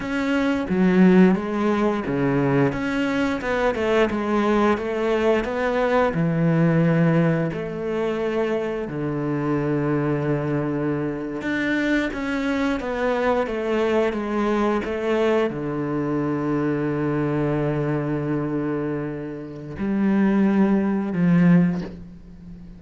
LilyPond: \new Staff \with { instrumentName = "cello" } { \time 4/4 \tempo 4 = 88 cis'4 fis4 gis4 cis4 | cis'4 b8 a8 gis4 a4 | b4 e2 a4~ | a4 d2.~ |
d8. d'4 cis'4 b4 a16~ | a8. gis4 a4 d4~ d16~ | d1~ | d4 g2 f4 | }